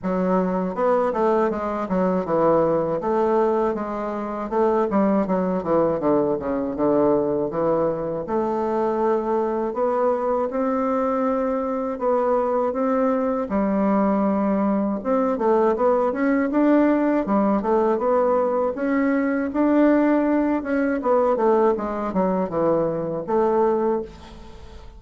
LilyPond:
\new Staff \with { instrumentName = "bassoon" } { \time 4/4 \tempo 4 = 80 fis4 b8 a8 gis8 fis8 e4 | a4 gis4 a8 g8 fis8 e8 | d8 cis8 d4 e4 a4~ | a4 b4 c'2 |
b4 c'4 g2 | c'8 a8 b8 cis'8 d'4 g8 a8 | b4 cis'4 d'4. cis'8 | b8 a8 gis8 fis8 e4 a4 | }